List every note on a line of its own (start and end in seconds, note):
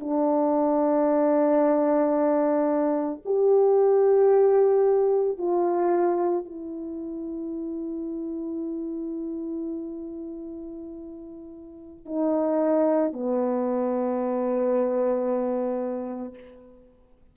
0.00 3.21 D4
3.25 5.38 G4
5.38 6.45 F4
6.45 12.06 E4
12.06 13.13 D#4
13.13 16.34 B3